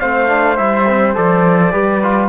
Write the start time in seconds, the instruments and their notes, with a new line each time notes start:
0.00 cello A3, trombone C4, flute C5, trumpet F5
0.28 trombone D4
0.57 cello G3, trombone E4, trumpet E5
0.88 trombone C4
1.14 cello F3, trombone A4, trumpet D5
1.71 cello G3, trombone G4, flute B4
2.03 trombone F4